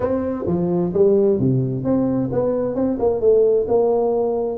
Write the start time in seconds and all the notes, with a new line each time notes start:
0.00 C4
0.47 F3
0.93 G3
1.39 C3
1.83 C4
2.32 B3
2.75 C4
2.99 A#3
3.20 A3
3.67 A#3